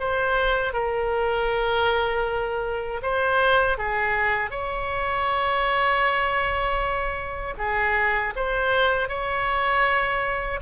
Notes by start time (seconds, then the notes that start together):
0.00 C5
0.74 A#4
3.03 C5
3.78 G#4
4.51 C#5
7.58 G#4
8.36 C5
9.09 C#5